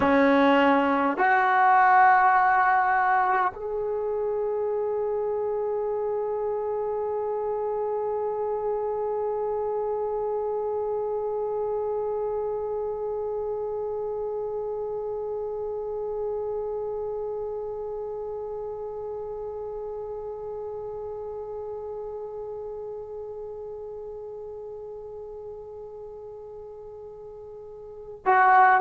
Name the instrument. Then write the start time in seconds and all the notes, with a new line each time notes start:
trombone
0.00 C#4
1.17 F#4
3.54 G#4
28.25 F#4